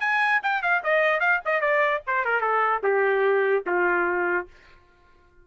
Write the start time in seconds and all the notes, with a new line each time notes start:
0.00 G#5
0.43 G5
0.62 F5
0.84 D#5
1.20 F5
1.45 D#5
1.61 D5
2.07 C5
2.25 A#4
2.41 A4
2.83 G4
3.66 F4